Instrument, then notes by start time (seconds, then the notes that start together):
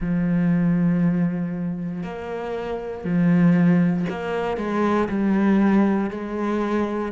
cello
0.00 F3
2.03 A#3
3.04 F3
4.09 A#3
4.57 G#3
5.08 G3
6.10 G#3